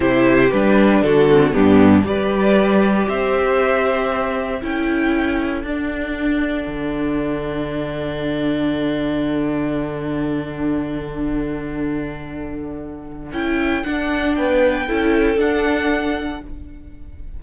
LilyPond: <<
  \new Staff \with { instrumentName = "violin" } { \time 4/4 \tempo 4 = 117 c''4 b'4 a'4 g'4 | d''2 e''2~ | e''4 g''2 fis''4~ | fis''1~ |
fis''1~ | fis''1~ | fis''2 g''4 fis''4 | g''2 fis''2 | }
  \new Staff \with { instrumentName = "violin" } { \time 4/4 g'2 fis'4 d'4 | b'2 c''2~ | c''4 a'2.~ | a'1~ |
a'1~ | a'1~ | a'1 | b'4 a'2. | }
  \new Staff \with { instrumentName = "viola" } { \time 4/4 e'4 d'4. c'8 b4 | g'1~ | g'4 e'2 d'4~ | d'1~ |
d'1~ | d'1~ | d'2 e'4 d'4~ | d'4 e'4 d'2 | }
  \new Staff \with { instrumentName = "cello" } { \time 4/4 c4 g4 d4 g,4 | g2 c'2~ | c'4 cis'2 d'4~ | d'4 d2.~ |
d1~ | d1~ | d2 cis'4 d'4 | b4 cis'4 d'2 | }
>>